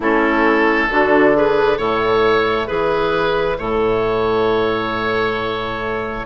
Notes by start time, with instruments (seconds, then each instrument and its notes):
0.00 bassoon A3, trombone C#4, clarinet E4, oboe A4
0.90 bassoon D3, trombone D4, clarinet F#4
1.34 clarinet G#4, oboe B4
1.77 bassoon A2, trombone E4, clarinet A4, oboe C#5
2.67 bassoon E3, clarinet G#4, oboe B4
3.58 bassoon A2, clarinet A4, oboe C#5